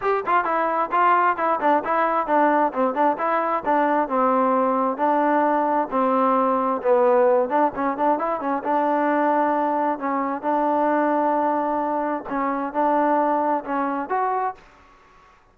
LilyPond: \new Staff \with { instrumentName = "trombone" } { \time 4/4 \tempo 4 = 132 g'8 f'8 e'4 f'4 e'8 d'8 | e'4 d'4 c'8 d'8 e'4 | d'4 c'2 d'4~ | d'4 c'2 b4~ |
b8 d'8 cis'8 d'8 e'8 cis'8 d'4~ | d'2 cis'4 d'4~ | d'2. cis'4 | d'2 cis'4 fis'4 | }